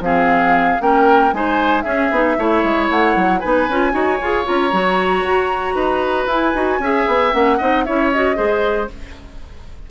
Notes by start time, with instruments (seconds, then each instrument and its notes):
0.00 bassoon F3, clarinet C4, oboe G#4, flute F5
0.80 bassoon A#3, clarinet C#4, oboe A#4, flute G5
1.32 bassoon G#3, clarinet D#4, oboe C5, flute G#5
1.81 clarinet C#4, bassoon C#4, oboe G#4, flute E5
2.11 bassoon B3, clarinet D#4
2.38 bassoon A3, clarinet E4, oboe C#5
2.63 bassoon G#3
2.90 bassoon A3, flute F#5
3.15 bassoon F#3
3.39 bassoon B3, clarinet D#4, oboe B4, flute G#5
3.68 bassoon C#4, clarinet F4
3.92 bassoon D#4, clarinet F#4, oboe C#5
4.21 bassoon F4, clarinet G#4
4.44 bassoon C#4, clarinet F4, flute A#5
4.72 bassoon F#3, clarinet F#4
5.24 bassoon F#4
5.74 bassoon D#4, oboe B4
6.26 bassoon E4, clarinet E4, flute G#5
6.54 bassoon D#4, clarinet F#4
6.79 bassoon C#4, clarinet G#4, oboe E5
7.07 bassoon B3
7.32 bassoon A#3, clarinet C#4, flute F#5
7.58 bassoon C4, clarinet D#4, oboe D#5
7.84 bassoon C#4, clarinet E4, oboe C#5, flute E5
8.11 clarinet F#4, flute D#5
8.35 bassoon G#3, clarinet G#4, oboe C5